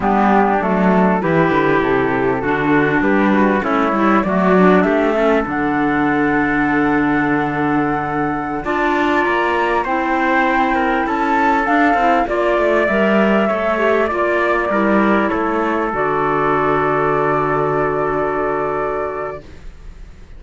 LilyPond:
<<
  \new Staff \with { instrumentName = "flute" } { \time 4/4 \tempo 4 = 99 g'4 a'4 b'4 a'4~ | a'4 b'4 cis''4 d''4 | e''4 fis''2.~ | fis''2~ fis''16 a''4 ais''8.~ |
ais''16 g''2 a''4 f''8.~ | f''16 d''4 e''2 d''8.~ | d''4~ d''16 cis''4 d''4.~ d''16~ | d''1 | }
  \new Staff \with { instrumentName = "trumpet" } { \time 4/4 d'2 g'2 | fis'4 g'8 fis'8 e'4 fis'4 | g'8 a'2.~ a'8~ | a'2~ a'16 d''4.~ d''16~ |
d''16 c''4. ais'8 a'4.~ a'16~ | a'16 d''2 cis''4 d''8.~ | d''16 ais'4 a'2~ a'8.~ | a'1 | }
  \new Staff \with { instrumentName = "clarinet" } { \time 4/4 b4 a4 e'2 | d'2 cis'8 e'8 a8 d'8~ | d'8 cis'8 d'2.~ | d'2~ d'16 f'4.~ f'16~ |
f'16 e'2. d'8 e'16~ | e'16 f'4 ais'4 a'8 g'8 f'8.~ | f'16 e'2 fis'4.~ fis'16~ | fis'1 | }
  \new Staff \with { instrumentName = "cello" } { \time 4/4 g4 fis4 e8 d8 c4 | d4 g4 a8 g8 fis4 | a4 d2.~ | d2~ d16 d'4 ais8.~ |
ais16 c'2 cis'4 d'8 c'16~ | c'16 ais8 a8 g4 a4 ais8.~ | ais16 g4 a4 d4.~ d16~ | d1 | }
>>